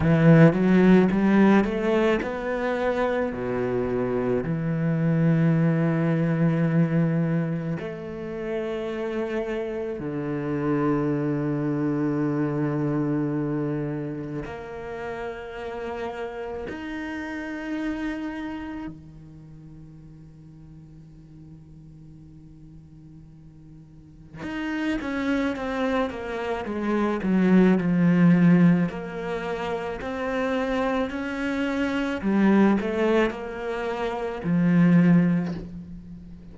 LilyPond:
\new Staff \with { instrumentName = "cello" } { \time 4/4 \tempo 4 = 54 e8 fis8 g8 a8 b4 b,4 | e2. a4~ | a4 d2.~ | d4 ais2 dis'4~ |
dis'4 dis2.~ | dis2 dis'8 cis'8 c'8 ais8 | gis8 fis8 f4 ais4 c'4 | cis'4 g8 a8 ais4 f4 | }